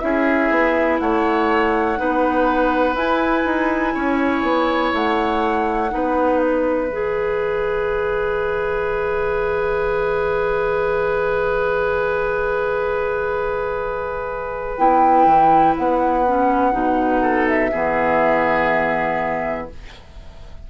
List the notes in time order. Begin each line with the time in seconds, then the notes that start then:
0.00 C#4 E4 G#4 E5
0.50 B3
0.99 A3 C#5 F#5
1.97 B3 D#4 B4
2.95 E4 G#5
3.45 D#4
3.94 C#4 C#5
4.43 B3
4.94 A3 F#5
5.90 B3 D#4 B4
6.41 E5
6.89 E3 G#4
14.77 B3 E4 G5
15.26 E3
15.78 B3 F#5
16.27 C#4
16.72 B2 D#4
17.22 A4
17.47 E5
17.71 E3 B3 G#4